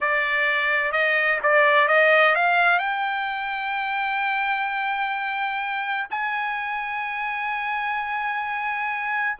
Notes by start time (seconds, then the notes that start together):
0.00 D5
0.92 D#5
1.43 D5
1.88 D#5
2.35 F5
2.78 G5
6.10 G#5